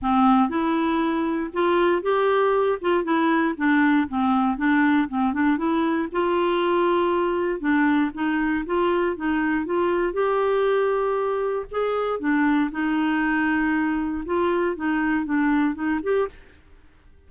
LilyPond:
\new Staff \with { instrumentName = "clarinet" } { \time 4/4 \tempo 4 = 118 c'4 e'2 f'4 | g'4. f'8 e'4 d'4 | c'4 d'4 c'8 d'8 e'4 | f'2. d'4 |
dis'4 f'4 dis'4 f'4 | g'2. gis'4 | d'4 dis'2. | f'4 dis'4 d'4 dis'8 g'8 | }